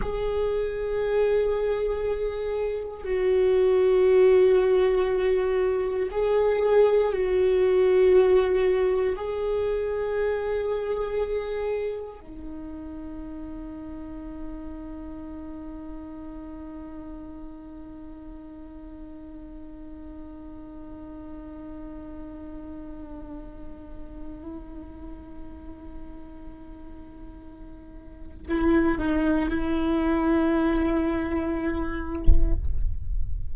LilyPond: \new Staff \with { instrumentName = "viola" } { \time 4/4 \tempo 4 = 59 gis'2. fis'4~ | fis'2 gis'4 fis'4~ | fis'4 gis'2. | dis'1~ |
dis'1~ | dis'1~ | dis'1 | e'8 dis'8 e'2. | }